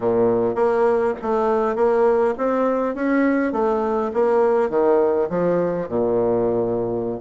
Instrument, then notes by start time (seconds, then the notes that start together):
bassoon
0.00 A#2
0.55 A#3
1.22 A3
1.75 A#3
2.37 C4
2.94 C#4
3.52 A3
4.13 A#3
4.69 D#3
5.29 F3
5.88 A#2